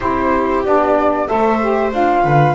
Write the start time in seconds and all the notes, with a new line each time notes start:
0.00 C4 E4 G4 C5
0.64 B3 D4 D5
1.27 A3 A4 C5 E5
1.61 G4
1.91 D4 F4 F5
2.22 D3 B4